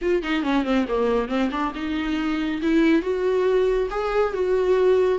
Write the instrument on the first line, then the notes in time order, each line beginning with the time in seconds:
viola
0.01 F4
0.22 D#4
0.43 C#4
0.64 C4
0.88 A#3
1.28 C4
1.51 D4
1.74 D#4
2.62 E4
3.02 F#4
3.90 G#4
4.33 F#4